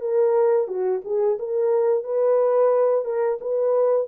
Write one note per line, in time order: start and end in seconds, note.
0.00 0.67 A#4
0.67 1.01 F#4
1.04 1.38 G#4
1.39 2.03 A#4
2.03 3.04 B4
3.05 3.38 A#4
3.40 4.07 B4